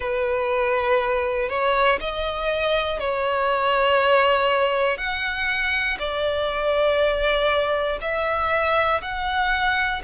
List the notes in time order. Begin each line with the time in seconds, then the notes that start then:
0.00 B4
1.49 C#5
2.00 D#5
3.00 C#5
4.97 F#5
5.98 D5
8.00 E5
9.02 F#5